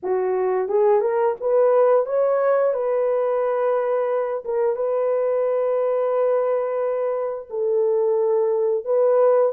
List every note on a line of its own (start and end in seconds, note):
0.02 0.68 F#4
0.68 1.00 G#4
1.00 1.35 A#4
1.40 2.05 B4
2.05 2.73 C#5
2.73 4.43 B4
4.44 4.75 A#4
4.75 7.48 B4
7.50 8.85 A4
8.85 9.52 B4